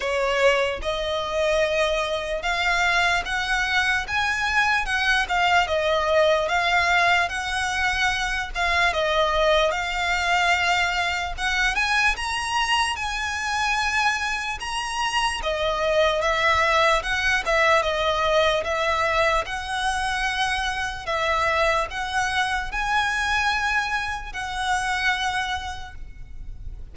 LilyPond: \new Staff \with { instrumentName = "violin" } { \time 4/4 \tempo 4 = 74 cis''4 dis''2 f''4 | fis''4 gis''4 fis''8 f''8 dis''4 | f''4 fis''4. f''8 dis''4 | f''2 fis''8 gis''8 ais''4 |
gis''2 ais''4 dis''4 | e''4 fis''8 e''8 dis''4 e''4 | fis''2 e''4 fis''4 | gis''2 fis''2 | }